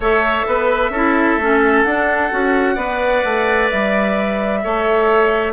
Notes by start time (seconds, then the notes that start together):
0.00 A3 A4 C#5 E5
0.47 B3 B4
0.90 C#4 E4 A4
1.37 A3 C#4
1.83 D4 F#5
2.30 C#4 F#4
2.74 B3 B4 D5
3.24 A3
3.69 G3 E5
4.63 A3 A4 C#5